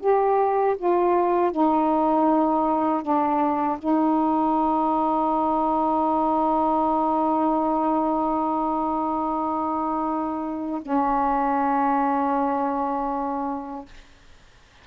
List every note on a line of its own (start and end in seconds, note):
0.00 0.76 G4
0.77 1.51 F4
1.51 3.02 D#4
3.02 3.78 D4
3.78 10.81 D#4
10.81 13.85 C#4